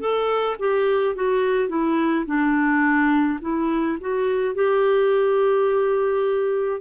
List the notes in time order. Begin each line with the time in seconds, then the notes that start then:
0.00 A4
0.59 G4
1.15 F#4
1.69 E4
2.26 D4
3.41 E4
4.00 F#4
4.55 G4